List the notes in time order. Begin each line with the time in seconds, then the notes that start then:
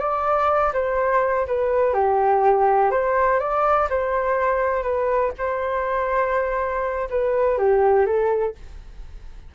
0.00 D5
0.74 C5
1.47 B4
1.94 G4
2.92 C5
3.40 D5
3.90 C5
4.83 B4
5.38 C5
7.11 B4
7.59 G4
8.06 A4